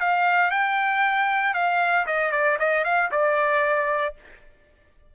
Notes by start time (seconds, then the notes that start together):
0.00 F5
0.51 G5
1.54 F5
2.06 D#5
2.32 D5
2.59 D#5
2.84 F5
3.11 D5